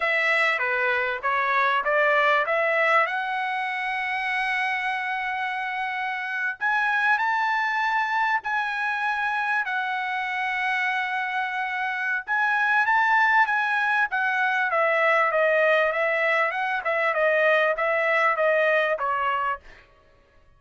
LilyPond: \new Staff \with { instrumentName = "trumpet" } { \time 4/4 \tempo 4 = 98 e''4 b'4 cis''4 d''4 | e''4 fis''2.~ | fis''2~ fis''8. gis''4 a''16~ | a''4.~ a''16 gis''2 fis''16~ |
fis''1 | gis''4 a''4 gis''4 fis''4 | e''4 dis''4 e''4 fis''8 e''8 | dis''4 e''4 dis''4 cis''4 | }